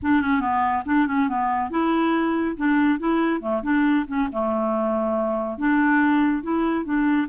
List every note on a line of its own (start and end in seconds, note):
0.02 0.21 D4
0.21 0.40 C#4
0.40 0.83 B3
0.85 1.07 D4
1.07 1.28 C#4
1.28 1.70 B3
1.70 2.56 E4
2.56 2.99 D4
2.99 3.41 E4
3.41 3.62 A3
3.62 4.05 D4
4.07 4.29 C#4
4.32 5.57 A3
5.57 6.42 D4
6.42 6.84 E4
6.84 7.27 D4